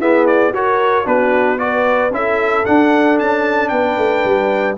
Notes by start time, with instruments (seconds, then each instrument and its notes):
0.00 trombone B3, tuba E4, horn G#4, trumpet E5
0.27 trumpet D5
0.52 tuba F#4, trombone F#4, horn A#4, trumpet C#5
1.05 tuba B3, trombone D4, horn F#4, trumpet B4
1.58 trombone F#4, horn B4, trumpet D5
2.11 tuba C#4, trombone E4, horn A4, trumpet E5
2.65 trombone D4, tuba D4, trumpet F#5
3.19 tuba C#4, trumpet A5
3.69 tuba B3, horn B4, trumpet G5
3.98 tuba A3
4.25 tuba G3